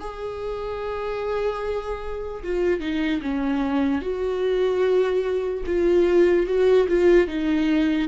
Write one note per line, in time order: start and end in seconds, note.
0.00 2.43 G#4
2.44 2.80 F4
2.80 3.21 D#4
3.22 4.02 C#4
4.02 5.64 F#4
5.66 6.47 F4
6.47 6.87 F#4
6.89 7.28 F4
7.28 8.09 D#4